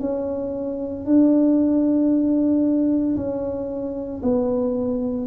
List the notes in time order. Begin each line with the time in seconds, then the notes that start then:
0.00 C#4
1.05 D4
3.16 C#4
4.22 B3